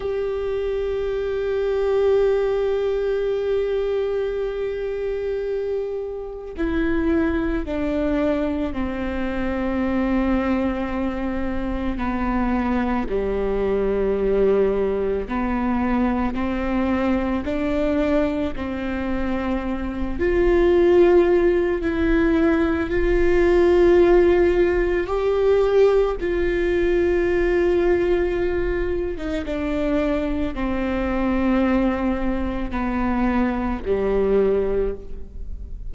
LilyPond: \new Staff \with { instrumentName = "viola" } { \time 4/4 \tempo 4 = 55 g'1~ | g'2 e'4 d'4 | c'2. b4 | g2 b4 c'4 |
d'4 c'4. f'4. | e'4 f'2 g'4 | f'2~ f'8. dis'16 d'4 | c'2 b4 g4 | }